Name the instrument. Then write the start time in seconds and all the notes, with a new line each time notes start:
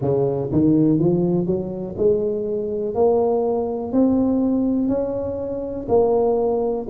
tuba
0.00 C#3
0.52 D#3
0.99 F3
1.46 F#3
1.97 G#3
2.95 A#3
3.92 C4
4.88 C#4
5.88 A#3